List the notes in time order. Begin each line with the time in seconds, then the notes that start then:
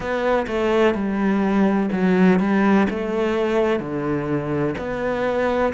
0.00 B3
0.47 A3
0.94 G3
1.91 F#3
2.39 G3
2.90 A3
3.79 D3
4.77 B3